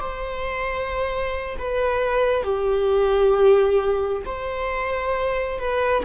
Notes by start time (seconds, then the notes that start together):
0.00 C5
1.58 B4
2.43 G4
4.25 C5
5.59 B4